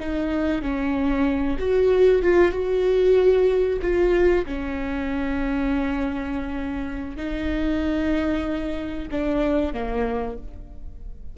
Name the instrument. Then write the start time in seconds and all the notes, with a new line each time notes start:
viola
0.00 D#4
0.62 C#4
1.59 F#4
2.22 F4
2.52 F#4
3.82 F4
4.46 C#4
7.17 D#4
9.11 D4
9.74 A#3